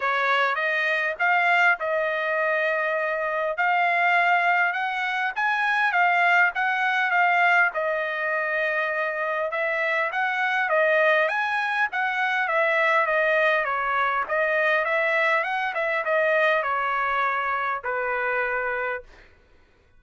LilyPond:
\new Staff \with { instrumentName = "trumpet" } { \time 4/4 \tempo 4 = 101 cis''4 dis''4 f''4 dis''4~ | dis''2 f''2 | fis''4 gis''4 f''4 fis''4 | f''4 dis''2. |
e''4 fis''4 dis''4 gis''4 | fis''4 e''4 dis''4 cis''4 | dis''4 e''4 fis''8 e''8 dis''4 | cis''2 b'2 | }